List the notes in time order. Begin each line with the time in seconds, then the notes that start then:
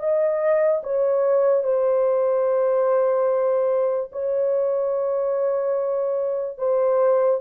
0.00 D#5
0.84 C#5
1.64 C5
4.12 C#5
6.59 C5